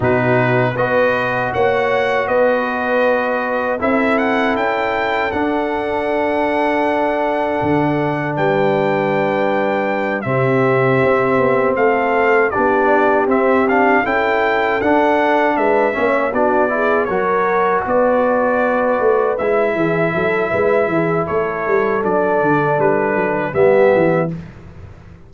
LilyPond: <<
  \new Staff \with { instrumentName = "trumpet" } { \time 4/4 \tempo 4 = 79 b'4 dis''4 fis''4 dis''4~ | dis''4 e''8 fis''8 g''4 fis''4~ | fis''2. g''4~ | g''4. e''2 f''8~ |
f''8 d''4 e''8 f''8 g''4 fis''8~ | fis''8 e''4 d''4 cis''4 d''8~ | d''4. e''2~ e''8 | cis''4 d''4 b'4 e''4 | }
  \new Staff \with { instrumentName = "horn" } { \time 4/4 fis'4 b'4 cis''4 b'4~ | b'4 a'2.~ | a'2. b'4~ | b'4. g'2 a'8~ |
a'8 g'2 a'4.~ | a'8 b'8 cis''8 fis'8 gis'8 ais'4 b'8~ | b'2 gis'8 a'8 b'8 gis'8 | a'2. g'4 | }
  \new Staff \with { instrumentName = "trombone" } { \time 4/4 dis'4 fis'2.~ | fis'4 e'2 d'4~ | d'1~ | d'4. c'2~ c'8~ |
c'8 d'4 c'8 d'8 e'4 d'8~ | d'4 cis'8 d'8 e'8 fis'4.~ | fis'4. e'2~ e'8~ | e'4 d'2 b4 | }
  \new Staff \with { instrumentName = "tuba" } { \time 4/4 b,4 b4 ais4 b4~ | b4 c'4 cis'4 d'4~ | d'2 d4 g4~ | g4. c4 c'8 b8 a8~ |
a8 b4 c'4 cis'4 d'8~ | d'8 gis8 ais8 b4 fis4 b8~ | b4 a8 gis8 e8 fis8 gis8 e8 | a8 g8 fis8 d8 g8 fis8 g8 e8 | }
>>